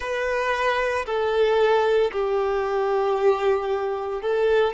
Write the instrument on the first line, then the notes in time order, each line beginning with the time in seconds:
violin
0.00 B4
1.05 A4
2.11 G4
4.21 A4